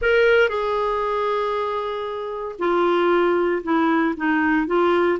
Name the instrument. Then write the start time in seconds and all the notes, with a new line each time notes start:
clarinet
0.01 A#4
0.48 G#4
2.58 F4
3.63 E4
4.17 D#4
4.67 F4